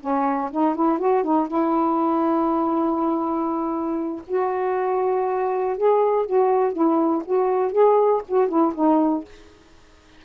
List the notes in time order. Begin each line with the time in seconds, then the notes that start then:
0.00 C#4
0.51 D#4
0.75 E4
0.99 F#4
1.23 D#4
1.47 E4
4.27 F#4
5.77 G#4
6.25 F#4
6.72 E4
7.25 F#4
7.72 G#4
8.28 F#4
8.48 E4
8.74 D#4